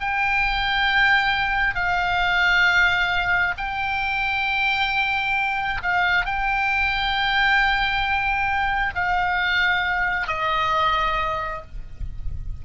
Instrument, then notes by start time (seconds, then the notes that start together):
oboe
0.00 G5
1.75 F5
3.57 G5
5.82 F5
6.25 G5
8.95 F5
10.27 D#5